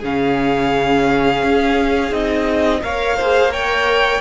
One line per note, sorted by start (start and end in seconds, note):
0.00 1.43 C#3
0.00 2.12 C#4
0.00 2.79 G#4
0.00 2.14 F5
1.43 2.12 C#4
2.12 2.81 C4
2.12 2.81 D#4
2.12 2.83 D#5
2.83 4.21 A#3
2.83 3.18 A#4
2.83 3.17 C#5
2.83 3.53 F5
3.17 3.50 G#4
3.17 3.52 C5
3.50 4.20 A#4
3.50 4.21 C#5
3.50 4.21 G5